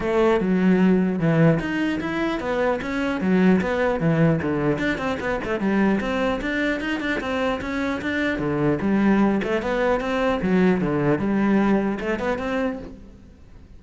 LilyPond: \new Staff \with { instrumentName = "cello" } { \time 4/4 \tempo 4 = 150 a4 fis2 e4 | dis'4 e'4 b4 cis'4 | fis4 b4 e4 d4 | d'8 c'8 b8 a8 g4 c'4 |
d'4 dis'8 d'8 c'4 cis'4 | d'4 d4 g4. a8 | b4 c'4 fis4 d4 | g2 a8 b8 c'4 | }